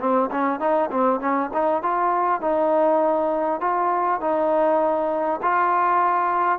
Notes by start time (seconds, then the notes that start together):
0.00 C4
0.31 C#4
0.60 D#4
0.91 C4
1.20 C#4
1.54 D#4
1.83 F4
2.41 D#4
3.61 F4
4.21 D#4
5.42 F4